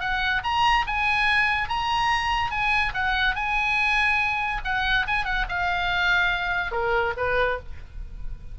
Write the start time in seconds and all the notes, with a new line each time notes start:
0.00 F#5
0.44 A#5
0.87 G#5
1.69 A#5
2.51 G#5
2.94 F#5
3.35 G#5
4.64 F#5
5.07 G#5
5.25 F#5
5.49 F5
6.72 A#4
7.17 B4